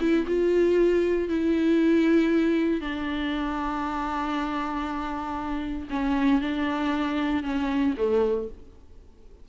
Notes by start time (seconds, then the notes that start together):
0.00 E4
0.27 F4
1.29 E4
2.81 D4
5.90 C#4
6.41 D4
7.43 C#4
7.97 A3